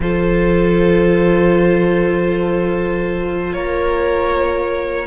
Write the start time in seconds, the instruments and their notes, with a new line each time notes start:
0.00 cello F3, viola F4, violin A4 C5
3.52 cello A#3, violin A#4 C#5